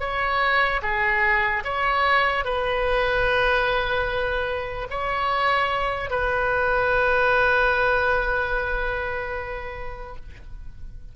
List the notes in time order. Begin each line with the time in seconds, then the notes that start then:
0.00 C#5
0.83 G#4
1.64 C#5
2.45 B4
4.91 C#5
6.10 B4